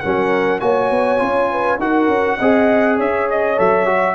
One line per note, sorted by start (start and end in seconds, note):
0.00 0.62 F#3
0.00 0.60 C#4
0.00 0.62 A#4
0.00 0.59 F#5
0.60 0.91 A#3
0.60 1.19 F#4
0.60 1.51 C#5
0.60 1.79 G#5
0.91 1.20 B3
1.19 1.79 C#4
1.19 1.78 F4
1.51 1.81 B4
1.79 2.08 D#4
1.79 2.40 F#4
1.79 2.38 A#4
1.79 3.00 F#5
2.08 2.37 C#4
2.38 2.99 C4
2.38 3.57 G#4
2.38 2.97 D#5
2.97 3.59 C#4
2.97 4.15 C#5
2.97 3.29 E5
3.30 3.59 D#5
3.57 4.15 F#3
3.57 3.86 A4
3.57 4.15 E5
3.86 4.15 F#4